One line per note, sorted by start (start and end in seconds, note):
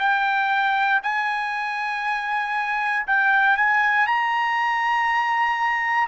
0.00 1.02 G5
1.03 3.06 G#5
3.07 3.57 G5
3.57 4.07 G#5
4.07 6.08 A#5